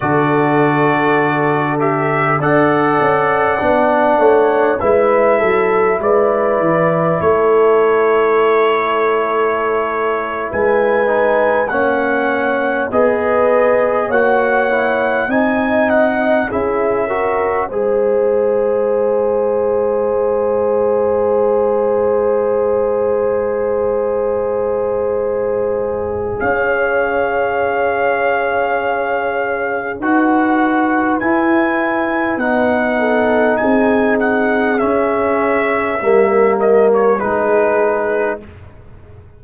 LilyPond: <<
  \new Staff \with { instrumentName = "trumpet" } { \time 4/4 \tempo 4 = 50 d''4. e''8 fis''2 | e''4 d''4 cis''2~ | cis''8. gis''4 fis''4 dis''4 fis''16~ | fis''8. gis''8 fis''8 e''4 dis''4~ dis''16~ |
dis''1~ | dis''2 f''2~ | f''4 fis''4 gis''4 fis''4 | gis''8 fis''8 e''4. dis''16 cis''16 b'4 | }
  \new Staff \with { instrumentName = "horn" } { \time 4/4 a'2 d''4. cis''8 | b'8 a'8 b'4 a'2~ | a'8. b'4 cis''4 b'4 cis''16~ | cis''8. dis''4 gis'8 ais'8 c''4~ c''16~ |
c''1~ | c''2 cis''2~ | cis''4 b'2~ b'8 a'8 | gis'2 ais'4 gis'4 | }
  \new Staff \with { instrumentName = "trombone" } { \time 4/4 fis'4. g'8 a'4 d'4 | e'1~ | e'4~ e'16 dis'8 cis'4 gis'4 fis'16~ | fis'16 e'8 dis'4 e'8 fis'8 gis'4~ gis'16~ |
gis'1~ | gis'1~ | gis'4 fis'4 e'4 dis'4~ | dis'4 cis'4 ais4 dis'4 | }
  \new Staff \with { instrumentName = "tuba" } { \time 4/4 d2 d'8 cis'8 b8 a8 | gis8 fis8 gis8 e8 a2~ | a8. gis4 ais4 b4 ais16~ | ais8. c'4 cis'4 gis4~ gis16~ |
gis1~ | gis2 cis'2~ | cis'4 dis'4 e'4 b4 | c'4 cis'4 g4 gis4 | }
>>